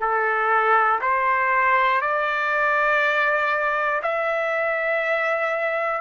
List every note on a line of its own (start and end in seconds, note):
0.00 1.00 A4
1.01 2.01 C5
2.01 4.01 D5
4.02 6.01 E5